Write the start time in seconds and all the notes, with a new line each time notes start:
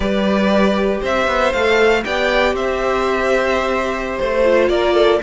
0.00 G3 G4 B4 D5
1.00 C4 C5 E5
1.27 B3
1.52 A3 A4 F5
2.03 B3 G4 D5 G5
2.53 C4 C5 E5
4.18 A3 C5
4.44 F4
4.68 A#3 A#4 D5
4.94 A4